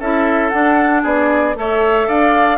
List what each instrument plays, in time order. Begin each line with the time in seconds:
0.00 bassoon C#4, clarinet E4, oboe A4, flute E5
0.49 clarinet D4, bassoon D4, flute F#5
1.02 bassoon B3, oboe G#4, flute D5
1.55 bassoon A3, clarinet A4, oboe C#5, flute E5
2.07 bassoon D4, oboe D5, flute F5